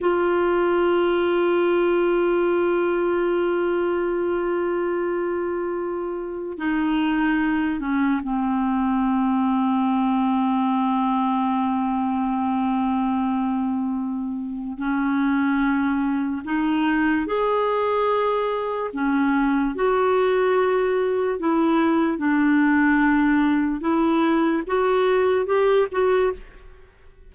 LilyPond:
\new Staff \with { instrumentName = "clarinet" } { \time 4/4 \tempo 4 = 73 f'1~ | f'1 | dis'4. cis'8 c'2~ | c'1~ |
c'2 cis'2 | dis'4 gis'2 cis'4 | fis'2 e'4 d'4~ | d'4 e'4 fis'4 g'8 fis'8 | }